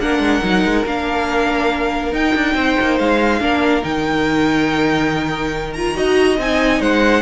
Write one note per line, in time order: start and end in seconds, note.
0.00 0.19 A#3
0.00 0.42 D4
0.00 2.54 A#4
0.00 0.86 F#5
0.19 0.40 G#3
0.42 0.64 F#3
0.42 0.85 D#4
0.64 0.85 G#3
0.85 2.12 A#3
0.85 2.13 D4
0.85 2.13 F5
2.12 2.34 D#4
2.12 3.40 D#4
2.12 2.98 G5
2.35 2.54 D4
2.54 2.75 C4
2.54 3.39 C5
2.80 2.99 A#3
2.98 3.40 G#3
2.98 3.84 F5
3.40 3.82 A#3
3.40 3.82 D4
3.40 5.96 A#4
3.82 5.97 D#3
3.82 5.73 D#4
3.82 5.73 G5
5.73 5.94 F4
5.73 6.37 A#5
5.94 6.38 D#4
5.94 6.37 F#4
5.94 6.80 D#5
6.38 6.80 C4
6.38 7.22 D#4
6.38 6.81 G#5
6.80 7.22 G#3
6.80 7.22 C5
6.80 7.22 F#5